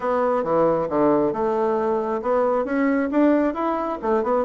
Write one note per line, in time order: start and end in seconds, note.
0.00 0.43 B3
0.43 0.88 E3
0.89 1.32 D3
1.32 2.21 A3
2.22 2.64 B3
2.64 3.09 C#4
3.11 3.54 D4
3.54 3.98 E4
4.02 4.23 A3
4.23 4.45 B3